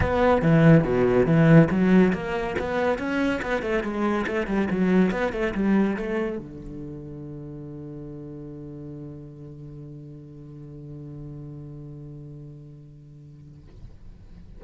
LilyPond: \new Staff \with { instrumentName = "cello" } { \time 4/4 \tempo 4 = 141 b4 e4 b,4 e4 | fis4 ais4 b4 cis'4 | b8 a8 gis4 a8 g8 fis4 | b8 a8 g4 a4 d4~ |
d1~ | d1~ | d1~ | d1 | }